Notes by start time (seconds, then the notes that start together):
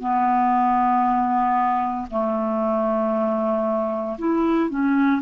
0.00 B3
2.10 A3
4.18 E4
4.70 C#4